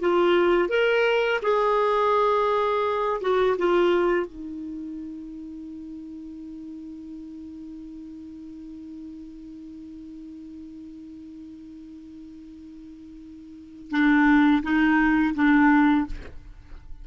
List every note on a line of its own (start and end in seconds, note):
0.00 0.69 F4
0.69 1.40 A#4
1.43 3.21 G#4
3.21 3.57 F#4
3.58 4.27 F4
4.27 13.91 D#4
13.91 14.62 D4
14.63 15.34 D#4
15.35 16.06 D4